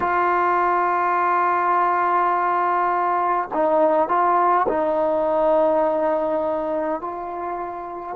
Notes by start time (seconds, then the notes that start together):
0.00 F4
3.53 D#4
4.08 F4
4.68 D#4
7.01 F4